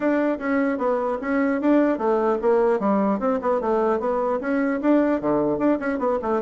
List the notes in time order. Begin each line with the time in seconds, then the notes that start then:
0.00 D4
0.39 C#4
0.78 B3
1.21 C#4
1.61 D4
1.98 A3
2.41 A#3
2.79 G3
3.19 C4
3.41 B3
3.60 A3
3.99 B3
4.40 C#4
4.81 D4
5.20 D3
5.58 D4
5.79 C#4
5.99 B3
6.21 A3